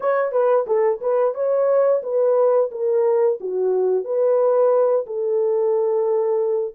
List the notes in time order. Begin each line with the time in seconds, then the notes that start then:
0.00 C#5
0.32 B4
0.66 A4
1.01 B4
1.34 C#5
2.02 B4
2.71 A#4
3.40 F#4
4.04 B4
5.06 A4